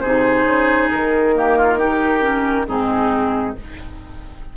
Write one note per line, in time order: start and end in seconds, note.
0.00 0.44 C3
0.00 1.35 D#4
0.00 1.34 G#4
0.00 0.88 C5
0.44 0.88 C#3
0.90 2.67 D#3
0.90 2.67 A#4
1.35 1.79 A#3
1.35 1.58 G4
1.58 1.78 F4
1.78 2.21 D#4
1.78 2.66 G4
2.21 2.65 C#4
2.67 3.56 G#2
2.67 3.56 C4
2.67 3.56 D#4
2.67 3.55 G#4